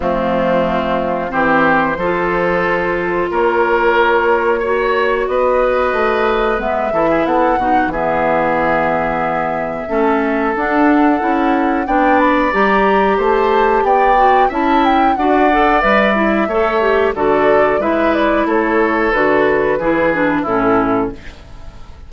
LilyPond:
<<
  \new Staff \with { instrumentName = "flute" } { \time 4/4 \tempo 4 = 91 f'2 c''2~ | c''4 cis''2. | dis''2 e''4 fis''4 | e''1 |
fis''2 g''8 b''8 ais''4 | a''4 g''4 a''8 g''8 fis''4 | e''2 d''4 e''8 d''8 | cis''4 b'2 a'4 | }
  \new Staff \with { instrumentName = "oboe" } { \time 4/4 c'2 g'4 a'4~ | a'4 ais'2 cis''4 | b'2~ b'8 a'16 gis'16 a'8 fis'8 | gis'2. a'4~ |
a'2 d''2 | c''4 d''4 e''4 d''4~ | d''4 cis''4 a'4 b'4 | a'2 gis'4 e'4 | }
  \new Staff \with { instrumentName = "clarinet" } { \time 4/4 a2 c'4 f'4~ | f'2. fis'4~ | fis'2 b8 e'4 dis'8 | b2. cis'4 |
d'4 e'4 d'4 g'4~ | g'4. fis'8 e'4 fis'8 a'8 | b'8 e'8 a'8 g'8 fis'4 e'4~ | e'4 fis'4 e'8 d'8 cis'4 | }
  \new Staff \with { instrumentName = "bassoon" } { \time 4/4 f2 e4 f4~ | f4 ais2. | b4 a4 gis8 e8 b8 b,8 | e2. a4 |
d'4 cis'4 b4 g4 | a4 b4 cis'4 d'4 | g4 a4 d4 gis4 | a4 d4 e4 a,4 | }
>>